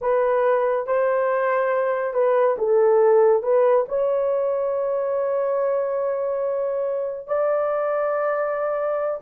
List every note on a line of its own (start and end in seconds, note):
0.01 0.86 B4
0.86 2.13 C5
2.13 2.56 B4
2.58 3.42 A4
3.42 3.85 B4
3.88 7.27 C#5
7.27 9.20 D5